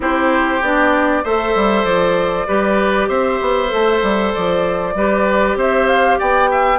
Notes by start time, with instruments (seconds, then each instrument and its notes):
0.00 bassoon C4, clarinet E4, oboe G4, flute C5
0.61 bassoon B3, clarinet D4, flute D5
1.23 bassoon A3, clarinet A4, oboe C5, flute E5
1.55 bassoon G3
1.84 bassoon F3, flute D5
2.47 bassoon G3, clarinet G4, oboe B4
3.08 bassoon C4, oboe C5, flute E5
3.41 bassoon B3
3.68 bassoon A3, clarinet A4
4.02 bassoon G3
4.33 bassoon F3, flute D5
4.94 bassoon G3, clarinet G4, oboe B4
5.55 bassoon C4, oboe C5, flute E5
5.87 flute F5
6.19 bassoon B3, oboe D5, flute G5
6.50 oboe E5